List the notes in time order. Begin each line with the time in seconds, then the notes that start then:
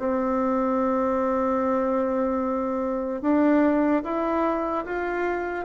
0.00 C4
3.22 D4
4.04 E4
4.86 F4